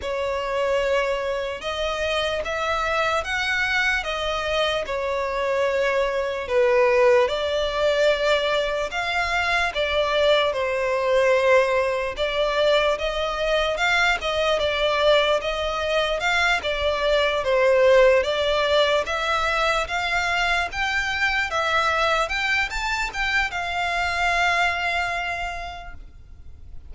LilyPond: \new Staff \with { instrumentName = "violin" } { \time 4/4 \tempo 4 = 74 cis''2 dis''4 e''4 | fis''4 dis''4 cis''2 | b'4 d''2 f''4 | d''4 c''2 d''4 |
dis''4 f''8 dis''8 d''4 dis''4 | f''8 d''4 c''4 d''4 e''8~ | e''8 f''4 g''4 e''4 g''8 | a''8 g''8 f''2. | }